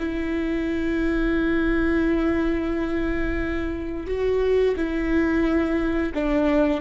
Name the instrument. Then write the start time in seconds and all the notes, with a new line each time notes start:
viola
0.00 E4
4.08 F#4
4.77 E4
6.15 D4